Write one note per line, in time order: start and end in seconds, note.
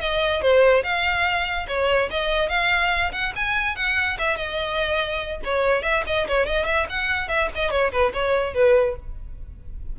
0.00 0.42 D#5
0.42 0.83 C5
0.83 1.66 F5
1.68 2.09 C#5
2.10 2.49 D#5
2.49 3.11 F5
3.12 3.33 F#5
3.35 3.76 G#5
3.76 4.17 F#5
4.18 4.36 E5
4.36 5.41 D#5
5.44 5.82 C#5
5.82 6.03 E5
6.06 6.27 D#5
6.27 6.46 C#5
6.46 6.65 D#5
6.65 6.86 E5
6.89 7.28 F#5
7.28 7.49 E5
7.55 7.70 D#5
7.70 7.91 C#5
7.91 8.12 B4
8.13 8.54 C#5
8.54 8.96 B4